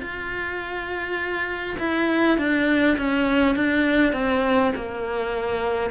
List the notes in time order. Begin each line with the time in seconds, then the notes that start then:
0.00 F4
1.79 E4
2.38 D4
2.97 C#4
3.55 D4
4.12 C4
4.75 A#3